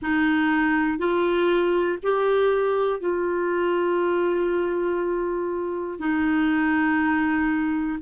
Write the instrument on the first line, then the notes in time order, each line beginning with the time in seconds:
clarinet
0.01 D#4
0.98 F4
2.03 G4
3.00 F4
5.99 D#4